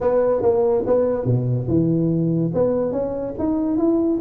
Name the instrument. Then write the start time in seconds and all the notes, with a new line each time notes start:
tuba
0.01 B3
0.42 A#3
0.86 B3
1.25 B2
1.67 E3
2.54 B3
2.92 C#4
3.39 D#4
3.77 E4